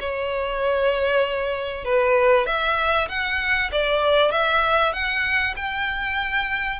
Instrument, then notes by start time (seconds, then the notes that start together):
violin
0.00 C#5
1.84 B4
2.46 E5
3.08 F#5
3.71 D5
4.31 E5
4.93 F#5
5.56 G5